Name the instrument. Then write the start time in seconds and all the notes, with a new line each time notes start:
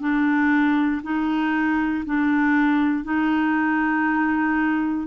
clarinet
0.00 D4
1.03 D#4
2.06 D4
3.04 D#4